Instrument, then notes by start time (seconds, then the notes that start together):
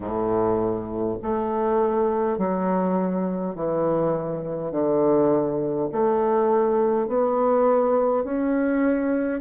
bassoon
0.00 A2
1.22 A3
2.37 F#3
3.55 E3
4.71 D3
5.91 A3
7.07 B3
8.24 C#4